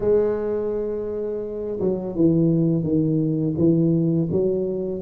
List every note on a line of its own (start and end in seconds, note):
0.00 1.79 G#3
1.80 2.15 F#3
2.15 2.83 E3
2.83 3.54 D#3
3.57 4.29 E3
4.31 5.02 F#3